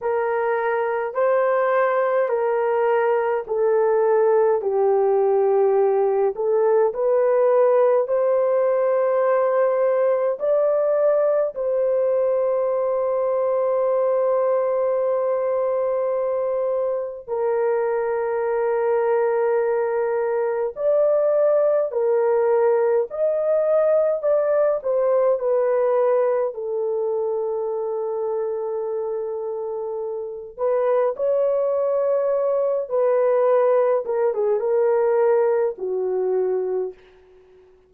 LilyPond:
\new Staff \with { instrumentName = "horn" } { \time 4/4 \tempo 4 = 52 ais'4 c''4 ais'4 a'4 | g'4. a'8 b'4 c''4~ | c''4 d''4 c''2~ | c''2. ais'4~ |
ais'2 d''4 ais'4 | dis''4 d''8 c''8 b'4 a'4~ | a'2~ a'8 b'8 cis''4~ | cis''8 b'4 ais'16 gis'16 ais'4 fis'4 | }